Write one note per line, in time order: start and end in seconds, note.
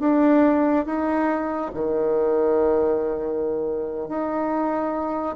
0.00 0.86 D4
0.86 1.71 D#4
1.74 4.09 D#3
4.09 5.36 D#4